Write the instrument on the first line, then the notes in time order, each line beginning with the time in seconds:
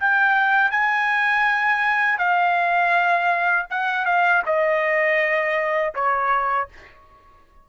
trumpet
0.00 G5
0.71 G#5
2.18 F5
3.70 F#5
4.06 F5
4.46 D#5
5.95 C#5